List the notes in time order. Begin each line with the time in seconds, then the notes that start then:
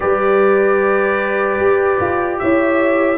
0.00 G3 G4 B4 D5
1.59 G4
2.01 F4
2.38 E4 C#5 E5